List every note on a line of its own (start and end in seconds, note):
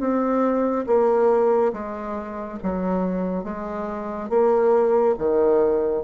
0.00 0.86 C4
0.87 1.73 A#3
1.73 2.59 G#3
2.63 3.44 F#3
3.44 4.30 G#3
4.30 5.15 A#3
5.19 6.04 D#3